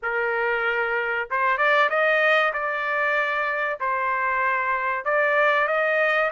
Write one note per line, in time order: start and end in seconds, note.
0.02 1.28 A#4
1.30 1.57 C5
1.57 1.89 D5
1.89 2.52 D#5
2.53 3.79 D5
3.80 5.04 C5
5.04 5.67 D5
5.67 6.30 D#5